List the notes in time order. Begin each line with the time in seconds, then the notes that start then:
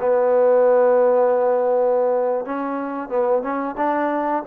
0.00 B3
2.45 C#4
3.09 B3
3.42 C#4
3.77 D4